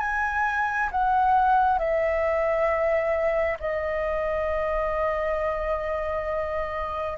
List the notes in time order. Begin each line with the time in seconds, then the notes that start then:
0.00 G#5
0.92 F#5
1.79 E5
3.60 D#5